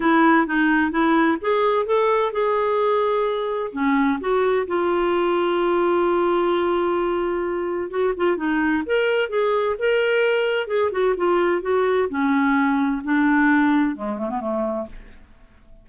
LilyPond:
\new Staff \with { instrumentName = "clarinet" } { \time 4/4 \tempo 4 = 129 e'4 dis'4 e'4 gis'4 | a'4 gis'2. | cis'4 fis'4 f'2~ | f'1~ |
f'4 fis'8 f'8 dis'4 ais'4 | gis'4 ais'2 gis'8 fis'8 | f'4 fis'4 cis'2 | d'2 gis8 a16 b16 a4 | }